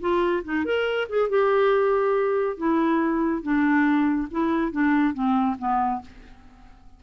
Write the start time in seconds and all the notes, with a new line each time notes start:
0.00 F4
0.44 D#4
0.65 A#4
1.09 G#4
1.29 G4
2.57 E4
3.42 D4
4.31 E4
4.72 D4
5.14 C4
5.59 B3